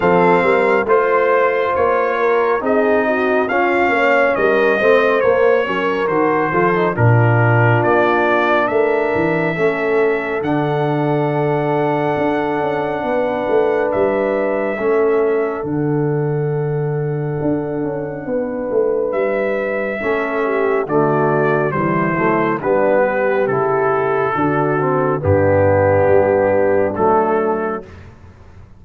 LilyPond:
<<
  \new Staff \with { instrumentName = "trumpet" } { \time 4/4 \tempo 4 = 69 f''4 c''4 cis''4 dis''4 | f''4 dis''4 cis''4 c''4 | ais'4 d''4 e''2 | fis''1 |
e''2 fis''2~ | fis''2 e''2 | d''4 c''4 b'4 a'4~ | a'4 g'2 a'4 | }
  \new Staff \with { instrumentName = "horn" } { \time 4/4 a'8 ais'8 c''4. ais'8 gis'8 fis'8 | f'8 cis''8 ais'8 c''4 ais'4 a'8 | f'2 ais'4 a'4~ | a'2. b'4~ |
b'4 a'2.~ | a'4 b'2 a'8 g'8 | fis'4 e'4 d'8 g'4. | fis'4 d'2. | }
  \new Staff \with { instrumentName = "trombone" } { \time 4/4 c'4 f'2 dis'4 | cis'4. c'8 ais8 cis'8 fis'8 f'16 dis'16 | d'2. cis'4 | d'1~ |
d'4 cis'4 d'2~ | d'2. cis'4 | a4 g8 a8 b4 e'4 | d'8 c'8 b2 a4 | }
  \new Staff \with { instrumentName = "tuba" } { \time 4/4 f8 g8 a4 ais4 c'4 | cis'8 ais8 g8 a8 ais8 fis8 dis8 f8 | ais,4 ais4 a8 e8 a4 | d2 d'8 cis'8 b8 a8 |
g4 a4 d2 | d'8 cis'8 b8 a8 g4 a4 | d4 e8 fis8 g4 cis4 | d4 g,4 g4 fis4 | }
>>